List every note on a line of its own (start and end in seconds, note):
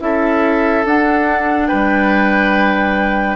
0.00 0.85 C#4
0.00 0.85 E4
0.00 1.68 A4
0.00 0.85 E5
0.85 1.69 D4
0.85 3.36 D4
0.85 1.68 F#5
1.68 3.36 G3
1.68 3.36 B4
1.68 3.36 G5